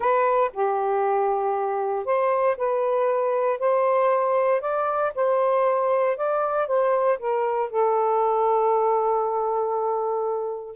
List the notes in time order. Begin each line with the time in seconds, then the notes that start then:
0.00 B4
0.53 G4
2.05 C5
2.57 B4
3.59 C5
4.61 D5
5.15 C5
6.17 D5
6.67 C5
7.18 A#4
7.69 A4